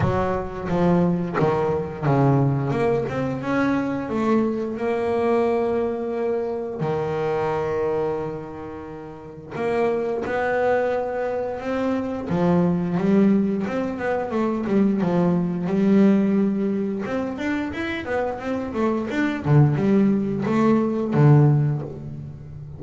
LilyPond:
\new Staff \with { instrumentName = "double bass" } { \time 4/4 \tempo 4 = 88 fis4 f4 dis4 cis4 | ais8 c'8 cis'4 a4 ais4~ | ais2 dis2~ | dis2 ais4 b4~ |
b4 c'4 f4 g4 | c'8 b8 a8 g8 f4 g4~ | g4 c'8 d'8 e'8 b8 c'8 a8 | d'8 d8 g4 a4 d4 | }